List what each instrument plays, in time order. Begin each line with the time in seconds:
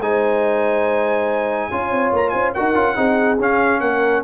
0.00 tuba G#3, trombone D#4, horn C5, trumpet G#5
1.72 tuba C#4, trombone F4, horn C#5
1.91 tuba C4
2.13 tuba A#3, trumpet A#5
2.30 tuba C#4, horn C5, trumpet G#5
2.54 tuba D#4, trombone F#4, horn A#4, trumpet F#5
2.74 tuba C#4, trombone F4
2.96 tuba C4, trombone D#4, horn G#4
3.40 tuba C#4, trombone C#4, trumpet F5
3.81 tuba A#3, horn A#4, trumpet F#5